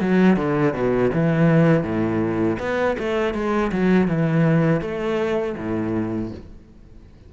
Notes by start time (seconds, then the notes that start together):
0.00 F#3
0.36 D3
0.73 B2
1.13 E3
1.83 A2
2.59 B3
2.99 A3
3.34 G#3
3.72 F#3
4.07 E3
4.81 A3
5.57 A2